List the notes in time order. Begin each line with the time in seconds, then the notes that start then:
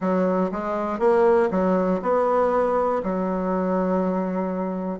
0.00 F#3
0.51 G#3
0.99 A#3
1.50 F#3
2.01 B3
3.03 F#3